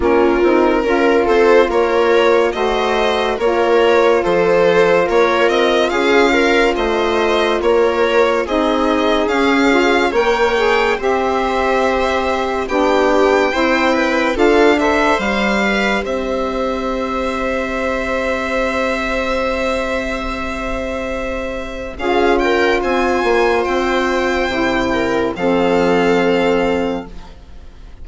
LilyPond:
<<
  \new Staff \with { instrumentName = "violin" } { \time 4/4 \tempo 4 = 71 ais'4. c''8 cis''4 dis''4 | cis''4 c''4 cis''8 dis''8 f''4 | dis''4 cis''4 dis''4 f''4 | g''4 e''2 g''4~ |
g''4 f''8 e''8 f''4 e''4~ | e''1~ | e''2 f''8 g''8 gis''4 | g''2 f''2 | }
  \new Staff \with { instrumentName = "viola" } { \time 4/4 f'4 ais'8 a'8 ais'4 c''4 | ais'4 a'4 ais'4 gis'8 ais'8 | c''4 ais'4 gis'2 | cis''4 c''2 g'4 |
c''8 b'8 a'8 c''4 b'8 c''4~ | c''1~ | c''2 gis'8 ais'8 c''4~ | c''4. ais'8 a'2 | }
  \new Staff \with { instrumentName = "saxophone" } { \time 4/4 cis'8 dis'8 f'2 fis'4 | f'1~ | f'2 dis'4 cis'8 f'8 | ais'8 gis'8 g'2 d'4 |
e'4 f'8 a'8 g'2~ | g'1~ | g'2 f'2~ | f'4 e'4 c'2 | }
  \new Staff \with { instrumentName = "bassoon" } { \time 4/4 ais8 c'8 cis'8 c'8 ais4 a4 | ais4 f4 ais8 c'8 cis'4 | a4 ais4 c'4 cis'4 | ais4 c'2 b4 |
c'4 d'4 g4 c'4~ | c'1~ | c'2 cis'4 c'8 ais8 | c'4 c4 f2 | }
>>